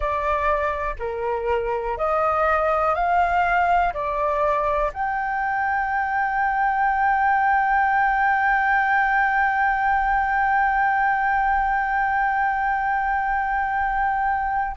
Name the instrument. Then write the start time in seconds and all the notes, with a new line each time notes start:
flute
0.00 D5
0.99 A#4
1.97 D#5
2.95 F5
3.93 D5
4.93 G5